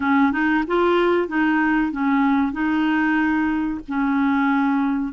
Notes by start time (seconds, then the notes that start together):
0.00 C#4
0.32 D#4
0.67 F4
1.28 D#4
1.92 C#4
2.52 D#4
3.88 C#4